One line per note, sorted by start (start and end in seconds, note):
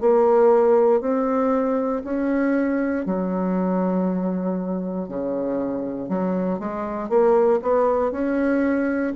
0.00 1.01 A#3
1.01 2.02 C4
2.03 3.05 C#4
3.05 5.08 F#3
5.08 6.09 C#3
6.09 6.59 F#3
6.59 7.09 G#3
7.09 7.60 A#3
7.62 8.11 B3
8.11 9.13 C#4